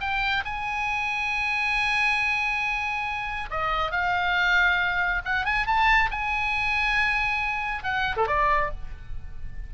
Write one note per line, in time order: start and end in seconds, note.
0.00 0.43 G5
0.45 3.49 G#5
3.50 3.91 D#5
3.91 5.22 F5
5.25 5.44 F#5
5.44 5.66 G#5
5.66 6.10 A5
6.10 7.83 G#5
7.83 8.15 F#5
8.16 8.27 A4
8.27 8.70 D5